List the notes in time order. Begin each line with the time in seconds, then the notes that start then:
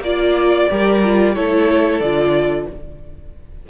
0.00 A#3 F4 D5
0.70 G3 G4 A#4
1.04 F4
1.34 A3 E4 A4 C#5
2.00 D3 F4 D5